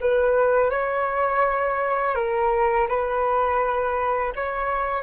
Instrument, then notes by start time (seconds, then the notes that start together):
flute
0.00 B4
0.70 C#5
2.15 A#4
2.88 B4
4.35 C#5